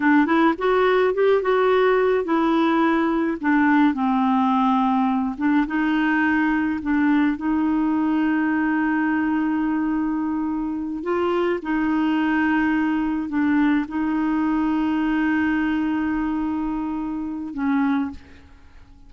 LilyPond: \new Staff \with { instrumentName = "clarinet" } { \time 4/4 \tempo 4 = 106 d'8 e'8 fis'4 g'8 fis'4. | e'2 d'4 c'4~ | c'4. d'8 dis'2 | d'4 dis'2.~ |
dis'2.~ dis'8 f'8~ | f'8 dis'2. d'8~ | d'8 dis'2.~ dis'8~ | dis'2. cis'4 | }